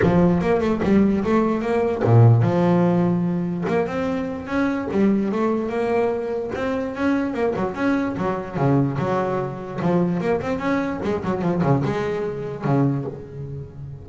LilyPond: \new Staff \with { instrumentName = "double bass" } { \time 4/4 \tempo 4 = 147 f4 ais8 a8 g4 a4 | ais4 ais,4 f2~ | f4 ais8 c'4. cis'4 | g4 a4 ais2 |
c'4 cis'4 ais8 fis8 cis'4 | fis4 cis4 fis2 | f4 ais8 c'8 cis'4 gis8 fis8 | f8 cis8 gis2 cis4 | }